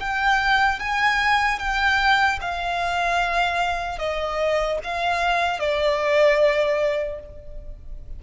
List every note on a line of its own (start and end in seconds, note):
0.00 0.80 G5
0.80 1.59 G#5
1.59 2.39 G5
2.41 3.99 F5
3.99 4.79 D#5
4.84 5.60 F5
5.60 7.20 D5